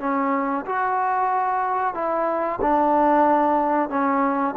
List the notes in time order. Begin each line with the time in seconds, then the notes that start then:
0.00 C#4
0.66 F#4
1.94 E4
2.61 D4
3.90 C#4